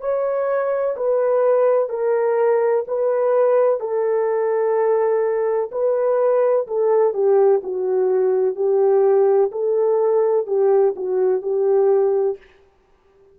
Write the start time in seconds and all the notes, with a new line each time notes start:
0.00 C#5
0.96 B4
1.89 A#4
2.87 B4
3.80 A4
5.71 B4
6.67 A4
7.13 G4
7.63 F#4
8.55 G4
9.52 A4
10.46 G4
10.96 F#4
11.42 G4